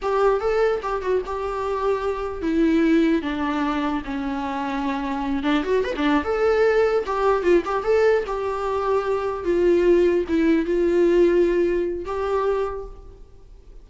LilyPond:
\new Staff \with { instrumentName = "viola" } { \time 4/4 \tempo 4 = 149 g'4 a'4 g'8 fis'8 g'4~ | g'2 e'2 | d'2 cis'2~ | cis'4. d'8 fis'8 b'16 d'8. a'8~ |
a'4. g'4 f'8 g'8 a'8~ | a'8 g'2. f'8~ | f'4. e'4 f'4.~ | f'2 g'2 | }